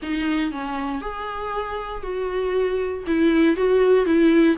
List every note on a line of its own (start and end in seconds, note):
0.02 0.51 D#4
0.51 1.01 C#4
1.01 2.02 G#4
2.02 3.04 F#4
3.06 3.56 E4
3.56 4.05 F#4
4.05 4.56 E4